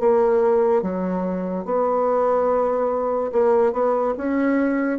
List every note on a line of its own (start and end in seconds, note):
0.00 0.82 A#3
0.82 1.65 F#3
1.65 3.32 B3
3.32 3.73 A#3
3.73 4.14 B3
4.17 4.99 C#4